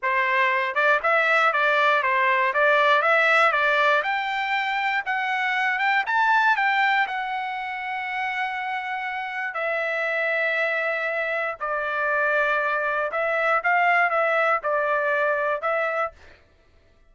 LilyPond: \new Staff \with { instrumentName = "trumpet" } { \time 4/4 \tempo 4 = 119 c''4. d''8 e''4 d''4 | c''4 d''4 e''4 d''4 | g''2 fis''4. g''8 | a''4 g''4 fis''2~ |
fis''2. e''4~ | e''2. d''4~ | d''2 e''4 f''4 | e''4 d''2 e''4 | }